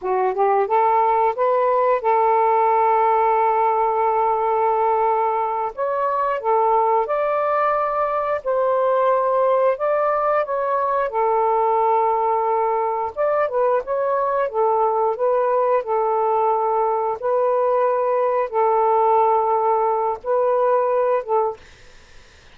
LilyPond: \new Staff \with { instrumentName = "saxophone" } { \time 4/4 \tempo 4 = 89 fis'8 g'8 a'4 b'4 a'4~ | a'1~ | a'8 cis''4 a'4 d''4.~ | d''8 c''2 d''4 cis''8~ |
cis''8 a'2. d''8 | b'8 cis''4 a'4 b'4 a'8~ | a'4. b'2 a'8~ | a'2 b'4. a'8 | }